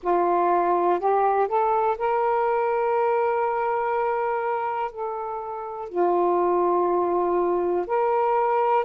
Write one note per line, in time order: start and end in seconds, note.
0.02 0.99 F4
0.99 1.48 G4
1.48 1.97 A4
1.98 4.91 A#4
4.91 5.89 A4
5.89 7.86 F4
7.86 8.84 A#4